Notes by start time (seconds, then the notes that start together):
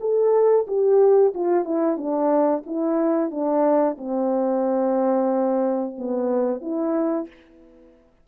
0.00 A4
0.67 G4
1.34 F4
1.64 E4
1.97 D4
2.66 E4
3.30 D4
3.98 C4
5.98 B3
6.61 E4